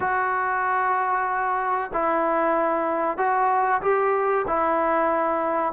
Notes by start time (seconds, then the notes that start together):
0.00 F#4
1.93 E4
3.17 F#4
3.81 G4
4.47 E4